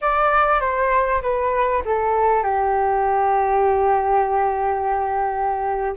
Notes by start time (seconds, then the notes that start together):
0.01 D5
0.60 C5
1.21 B4
1.85 A4
2.43 G4